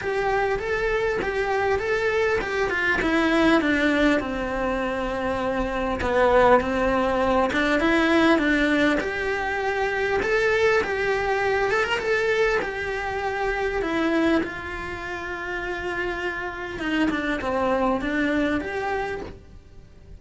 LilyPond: \new Staff \with { instrumentName = "cello" } { \time 4/4 \tempo 4 = 100 g'4 a'4 g'4 a'4 | g'8 f'8 e'4 d'4 c'4~ | c'2 b4 c'4~ | c'8 d'8 e'4 d'4 g'4~ |
g'4 a'4 g'4. a'16 ais'16 | a'4 g'2 e'4 | f'1 | dis'8 d'8 c'4 d'4 g'4 | }